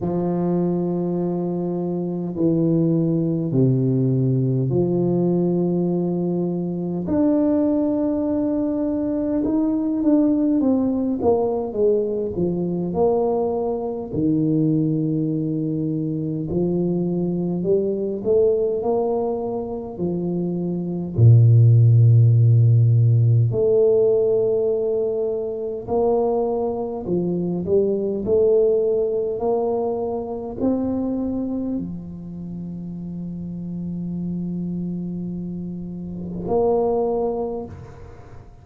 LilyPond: \new Staff \with { instrumentName = "tuba" } { \time 4/4 \tempo 4 = 51 f2 e4 c4 | f2 d'2 | dis'8 d'8 c'8 ais8 gis8 f8 ais4 | dis2 f4 g8 a8 |
ais4 f4 ais,2 | a2 ais4 f8 g8 | a4 ais4 c'4 f4~ | f2. ais4 | }